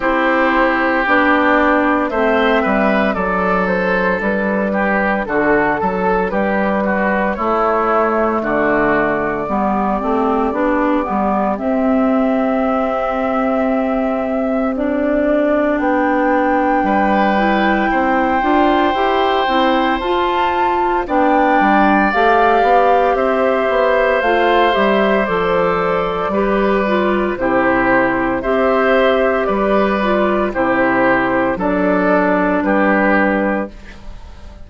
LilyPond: <<
  \new Staff \with { instrumentName = "flute" } { \time 4/4 \tempo 4 = 57 c''4 d''4 e''4 d''8 c''8 | b'4 a'4 b'4 cis''4 | d''2. e''4~ | e''2 d''4 g''4~ |
g''2. a''4 | g''4 f''4 e''4 f''8 e''8 | d''2 c''4 e''4 | d''4 c''4 d''4 b'4 | }
  \new Staff \with { instrumentName = "oboe" } { \time 4/4 g'2 c''8 b'8 a'4~ | a'8 g'8 fis'8 a'8 g'8 fis'8 e'4 | fis'4 g'2.~ | g'1 |
b'4 c''2. | d''2 c''2~ | c''4 b'4 g'4 c''4 | b'4 g'4 a'4 g'4 | }
  \new Staff \with { instrumentName = "clarinet" } { \time 4/4 e'4 d'4 c'4 d'4~ | d'2. a4~ | a4 b8 c'8 d'8 b8 c'4~ | c'2 d'2~ |
d'8 e'4 f'8 g'8 e'8 f'4 | d'4 g'2 f'8 g'8 | a'4 g'8 f'8 e'4 g'4~ | g'8 f'8 e'4 d'2 | }
  \new Staff \with { instrumentName = "bassoon" } { \time 4/4 c'4 b4 a8 g8 fis4 | g4 d8 fis8 g4 a4 | d4 g8 a8 b8 g8 c'4~ | c'2. b4 |
g4 c'8 d'8 e'8 c'8 f'4 | b8 g8 a8 b8 c'8 b8 a8 g8 | f4 g4 c4 c'4 | g4 c4 fis4 g4 | }
>>